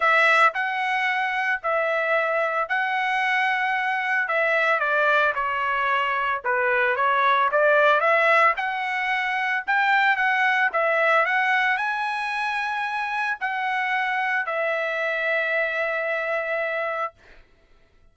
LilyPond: \new Staff \with { instrumentName = "trumpet" } { \time 4/4 \tempo 4 = 112 e''4 fis''2 e''4~ | e''4 fis''2. | e''4 d''4 cis''2 | b'4 cis''4 d''4 e''4 |
fis''2 g''4 fis''4 | e''4 fis''4 gis''2~ | gis''4 fis''2 e''4~ | e''1 | }